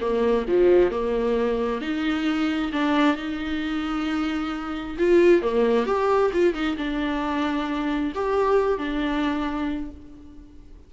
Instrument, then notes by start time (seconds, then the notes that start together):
viola
0.00 A#3
0.48 F3
0.91 A#3
1.81 D#4
2.72 D4
3.16 D#4
4.98 F4
5.42 A#3
5.86 G4
6.33 F4
6.54 D#4
6.77 D4
8.14 G4
8.78 D4